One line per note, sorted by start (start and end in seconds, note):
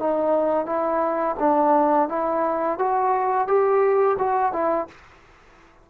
0.00 0.66 D#4
0.66 1.36 E4
1.40 2.09 D4
2.09 2.79 E4
2.79 3.48 F#4
3.48 4.18 G4
4.19 4.53 F#4
4.53 4.88 E4